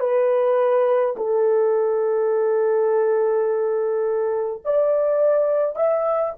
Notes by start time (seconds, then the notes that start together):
0.00 B4
1.17 A4
4.65 D5
5.76 E5